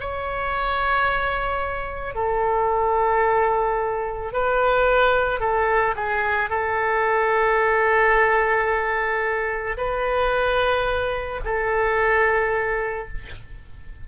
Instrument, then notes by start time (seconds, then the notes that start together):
oboe
0.00 C#5
2.15 A4
4.33 B4
5.40 A4
5.96 G#4
6.50 A4
9.78 B4
11.45 A4